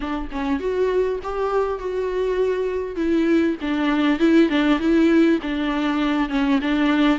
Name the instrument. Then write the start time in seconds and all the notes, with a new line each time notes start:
viola
0.00 D4
0.31 C#4
0.59 F#4
1.23 G4
1.78 F#4
2.96 E4
3.61 D4
4.19 E4
4.49 D4
4.79 E4
5.42 D4
6.29 C#4
6.61 D4